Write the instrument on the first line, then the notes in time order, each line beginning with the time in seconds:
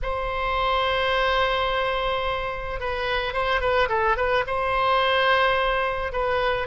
oboe
0.02 C5
2.80 B4
3.33 C5
3.60 B4
3.89 A4
4.16 B4
4.46 C5
6.12 B4